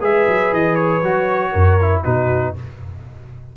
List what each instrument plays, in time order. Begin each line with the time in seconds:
0.00 tuba G#3, trombone G#4, horn B4, trumpet E5
0.28 tuba F#3
0.52 tuba E3, trumpet D#5
0.75 trumpet C#5
1.03 tuba F#3, trombone F#4
1.51 tuba F#2, horn A#4
1.81 trombone E4
2.04 tuba B2, trombone D#4, horn F#4, trumpet B4